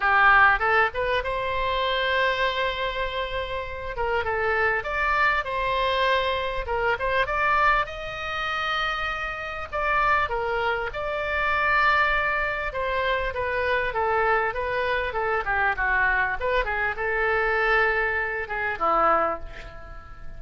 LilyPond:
\new Staff \with { instrumentName = "oboe" } { \time 4/4 \tempo 4 = 99 g'4 a'8 b'8 c''2~ | c''2~ c''8 ais'8 a'4 | d''4 c''2 ais'8 c''8 | d''4 dis''2. |
d''4 ais'4 d''2~ | d''4 c''4 b'4 a'4 | b'4 a'8 g'8 fis'4 b'8 gis'8 | a'2~ a'8 gis'8 e'4 | }